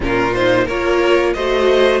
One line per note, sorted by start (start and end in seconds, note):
0.00 0.67 A#2
0.00 0.32 C#4
0.00 0.64 F4
0.00 0.34 A#4
0.34 0.69 D#4
0.34 0.67 C5
0.64 1.35 A#3
0.64 1.37 F4
0.64 1.32 A#4
0.64 1.33 C#5
1.33 2.00 A3
1.33 2.00 F#4
1.33 2.00 C5
1.33 2.00 D#5